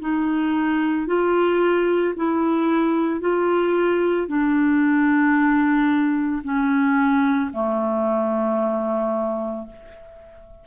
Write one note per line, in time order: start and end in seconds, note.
0.00 1.07 D#4
1.07 2.14 F4
2.16 3.20 E4
3.20 4.27 F4
4.28 6.42 D4
6.43 7.50 C#4
7.53 9.67 A3